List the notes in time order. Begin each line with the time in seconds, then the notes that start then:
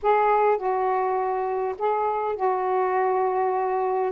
0.02 G#4
0.57 F#4
1.78 G#4
2.36 F#4